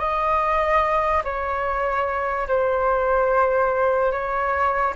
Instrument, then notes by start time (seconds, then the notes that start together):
flute
0.00 D#5
1.25 C#5
2.48 C5
4.12 C#5